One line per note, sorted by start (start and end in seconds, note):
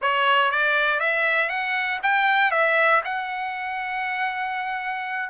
0.01 0.51 C#5
0.51 0.99 D5
0.99 1.49 E5
1.49 1.99 F#5
2.02 2.51 G5
2.51 3.01 E5
3.04 5.29 F#5